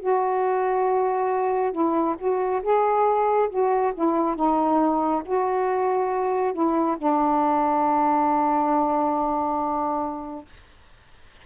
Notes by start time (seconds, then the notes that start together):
0.00 F#4
1.72 E4
2.19 F#4
2.62 G#4
3.50 F#4
3.94 E4
4.36 D#4
5.25 F#4
6.53 E4
6.98 D4